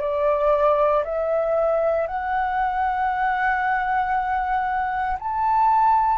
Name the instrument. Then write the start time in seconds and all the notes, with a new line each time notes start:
flute
0.00 D5
1.04 E5
2.06 F#5
5.19 A5